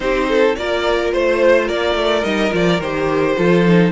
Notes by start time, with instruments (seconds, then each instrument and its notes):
0.00 cello C4, viola D#4, violin G4 C5
0.29 violin A4
0.55 cello A#3, viola F4, violin A#4 D5
1.12 cello A3, violin C5
1.65 cello A#3, violin A#4 D5
1.95 cello A3
2.22 cello G3, viola D#4, violin D#5
2.51 cello F3, viola F4, violin D5
2.79 cello D#3, viola G4, violin C5
3.37 cello F3, viola F4, violin A4
3.66 viola D#4